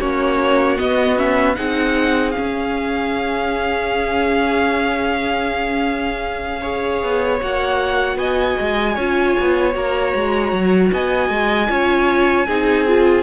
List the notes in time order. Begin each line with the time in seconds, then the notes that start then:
0.00 A#3 C#4 F#4 C#5
0.78 B3 D#5
1.17 C#4 E5
1.56 C4 D#4 G#4 F#5
2.31 C#4 F5
2.39 C#4
6.61 G#4 C#5
7.03 B3
7.42 A#3 F#4 F#5
8.16 B3 D#5 G#5
8.61 G#3
8.95 C#4 F4 C#5
9.40 B3
9.73 A#3 F#4 A#5
10.15 G#3
10.53 F#3
10.93 B3 D#5 G#5
11.30 G#3
11.68 C#4 F4 C#5
12.47 C4 D#4 G#4
12.88 F4